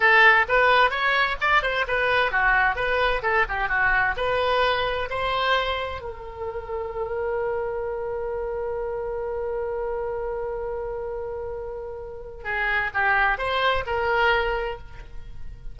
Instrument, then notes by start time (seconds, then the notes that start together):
oboe
0.00 A4
0.48 B4
0.90 C#5
1.41 D5
1.62 C5
1.87 B4
2.31 F#4
2.75 B4
3.22 A4
3.48 G4
3.68 F#4
4.16 B4
5.09 C5
6.01 A#4
12.44 G#4
12.94 G4
13.37 C5
13.86 A#4